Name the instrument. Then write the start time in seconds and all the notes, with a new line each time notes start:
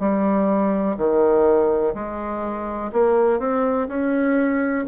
bassoon
0.00 G3
0.98 D#3
1.94 G#3
2.93 A#3
3.40 C4
3.88 C#4